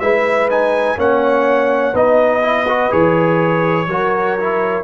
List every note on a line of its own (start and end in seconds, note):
0.00 0.96 G#3
0.00 0.50 E4
0.00 0.98 B4
0.00 0.48 E5
0.50 0.97 D#4
0.50 0.98 G#5
0.96 1.93 A#3
0.96 1.93 C#4
0.96 1.93 C#5
0.96 1.96 F#5
1.93 2.90 B3
1.93 2.42 D#4
1.93 3.86 B4
1.93 2.92 D#5
2.42 2.66 E4
2.68 2.90 F#4
2.90 3.87 E3
2.90 3.86 G#4
2.90 4.84 C#5
3.87 4.84 F#3
3.87 4.39 F#4
3.87 4.84 A#4
4.40 4.84 E4